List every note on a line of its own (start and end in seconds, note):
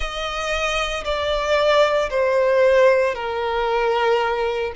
0.00 1.03 D#5
1.04 2.09 D5
2.10 3.14 C5
3.14 4.72 A#4